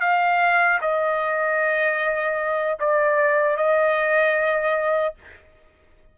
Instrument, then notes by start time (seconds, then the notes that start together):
trumpet
0.00 F5
0.81 D#5
2.80 D5
3.57 D#5